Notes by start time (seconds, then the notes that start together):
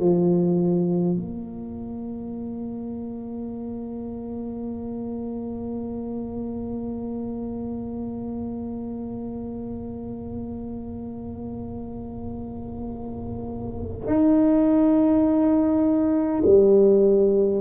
0.00 F3
1.16 A#3
14.06 D#4
16.46 G3